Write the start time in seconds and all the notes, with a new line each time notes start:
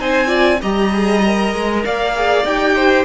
0.00 C4 D#4 C5 G#5
0.27 F4 D5
0.62 G3 G4 D#5 A#5
0.93 G#4
1.26 A#4
1.54 G#3
1.85 A#3 D5 F5
2.15 G#4
2.44 D#4 G4 G5
2.76 C5